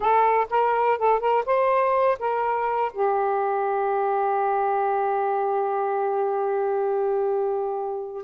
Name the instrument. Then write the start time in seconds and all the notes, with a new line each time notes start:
saxophone
0.00 A4
0.49 A#4
0.98 A4
1.20 A#4
1.45 C5
2.19 A#4
2.93 G4